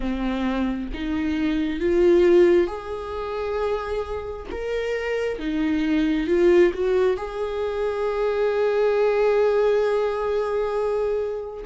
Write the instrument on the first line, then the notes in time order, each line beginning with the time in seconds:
viola
0.00 C4
0.93 D#4
1.80 F4
2.67 G#4
4.51 A#4
5.39 D#4
6.27 F4
6.73 F#4
7.16 G#4